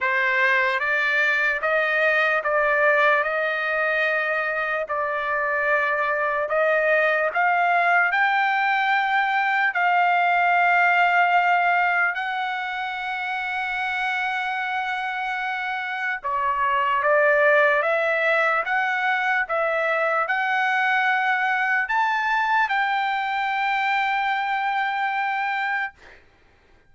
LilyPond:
\new Staff \with { instrumentName = "trumpet" } { \time 4/4 \tempo 4 = 74 c''4 d''4 dis''4 d''4 | dis''2 d''2 | dis''4 f''4 g''2 | f''2. fis''4~ |
fis''1 | cis''4 d''4 e''4 fis''4 | e''4 fis''2 a''4 | g''1 | }